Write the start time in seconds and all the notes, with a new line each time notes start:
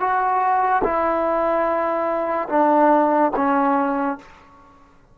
0.00 F#4
0.84 E4
2.49 D4
3.36 C#4